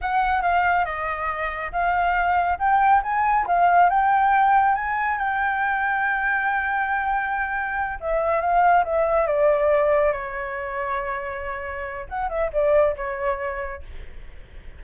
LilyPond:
\new Staff \with { instrumentName = "flute" } { \time 4/4 \tempo 4 = 139 fis''4 f''4 dis''2 | f''2 g''4 gis''4 | f''4 g''2 gis''4 | g''1~ |
g''2~ g''8 e''4 f''8~ | f''8 e''4 d''2 cis''8~ | cis''1 | fis''8 e''8 d''4 cis''2 | }